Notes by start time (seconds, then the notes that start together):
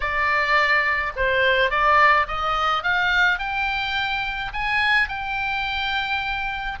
0.00 D5
1.16 C5
1.70 D5
2.27 D#5
2.83 F5
3.38 G5
4.53 G#5
5.08 G5